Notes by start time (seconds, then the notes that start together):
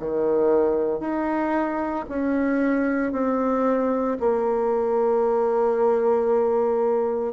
0.00 D#3
1.00 D#4
2.10 C#4
3.13 C4
4.20 A#3